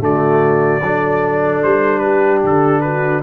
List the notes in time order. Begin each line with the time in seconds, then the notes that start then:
0.00 D3 A3 F#4 D5
0.82 F#3 D4 A4
1.64 G3 C5
1.99 G4 B4
2.44 D3 A4
2.81 F#4 B4